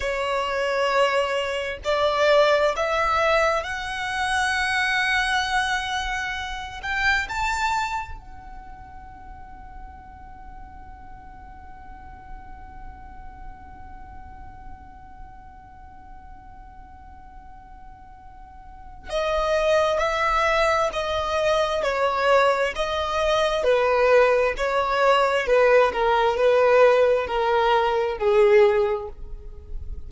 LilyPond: \new Staff \with { instrumentName = "violin" } { \time 4/4 \tempo 4 = 66 cis''2 d''4 e''4 | fis''2.~ fis''8 g''8 | a''4 fis''2.~ | fis''1~ |
fis''1~ | fis''4 dis''4 e''4 dis''4 | cis''4 dis''4 b'4 cis''4 | b'8 ais'8 b'4 ais'4 gis'4 | }